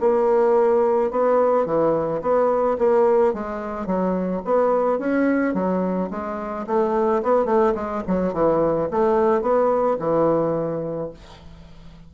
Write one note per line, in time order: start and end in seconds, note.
0.00 1.11 A#3
1.11 1.65 B3
1.65 2.21 E3
2.21 2.77 B3
2.78 3.33 A#3
3.33 3.86 G#3
3.86 4.41 F#3
4.44 4.98 B3
4.98 5.54 C#4
5.54 6.09 F#3
6.10 6.65 G#3
6.66 7.22 A3
7.22 7.45 B3
7.45 7.73 A3
7.74 8.02 G#3
8.07 8.33 F#3
8.33 8.88 E3
8.90 9.41 A3
9.41 9.97 B3
9.99 11.10 E3